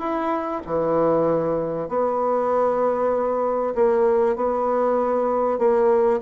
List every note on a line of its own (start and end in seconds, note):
0.00 0.62 E4
0.67 1.89 E3
1.89 3.75 B3
3.75 4.36 A#3
4.36 5.59 B3
5.59 6.21 A#3